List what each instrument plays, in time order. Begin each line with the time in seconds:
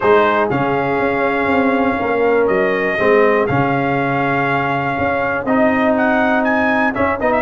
0.00 tuba G#3, trombone D#4, horn G#4, trumpet C5
0.50 tuba C#3, trombone C#4, trumpet F5
0.99 tuba C#4
1.47 tuba C4
1.99 tuba A#3, horn A#4
2.47 tuba F#3, trumpet D#5
2.97 tuba G#3, trombone C4, horn G#4
3.46 tuba C#3, trombone C#4, trumpet F5
4.98 tuba C#4
5.44 tuba C4, trombone D#4, trumpet D#5
5.97 trumpet F#5
6.44 trumpet G#5
6.93 trombone C#4, tuba C#4, trumpet E5
7.20 tuba B3, trombone D#4, trumpet D#5
7.32 trumpet E5